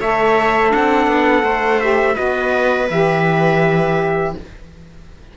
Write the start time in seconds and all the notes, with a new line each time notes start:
0.00 A3 A4 C#5 E5
0.69 C4 D4 F#5
1.06 B3
1.42 A3 C5
1.80 G4 E5
2.14 B3 F#4 B4 D#5
2.89 E3 G4 E5